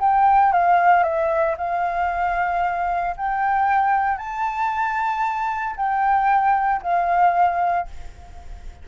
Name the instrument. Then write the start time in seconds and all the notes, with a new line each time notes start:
flute
0.00 G5
0.52 F5
1.03 E5
1.58 F5
3.17 G5
4.17 A5
5.76 G5
6.82 F5